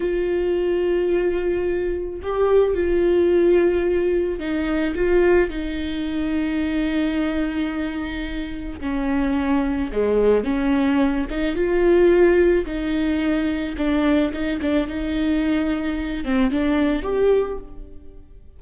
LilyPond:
\new Staff \with { instrumentName = "viola" } { \time 4/4 \tempo 4 = 109 f'1 | g'4 f'2. | dis'4 f'4 dis'2~ | dis'1 |
cis'2 gis4 cis'4~ | cis'8 dis'8 f'2 dis'4~ | dis'4 d'4 dis'8 d'8 dis'4~ | dis'4. c'8 d'4 g'4 | }